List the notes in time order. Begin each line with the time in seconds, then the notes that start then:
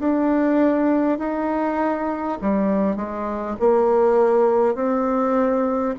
0.00 D4
1.19 D#4
2.42 G3
2.96 G#3
3.60 A#3
4.76 C4